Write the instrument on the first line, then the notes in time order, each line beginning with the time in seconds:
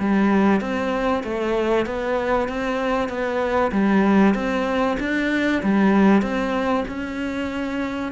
cello
0.00 G3
0.61 C4
1.24 A3
1.86 B3
2.49 C4
3.09 B3
3.72 G3
4.35 C4
5.00 D4
5.63 G3
6.22 C4
6.89 C#4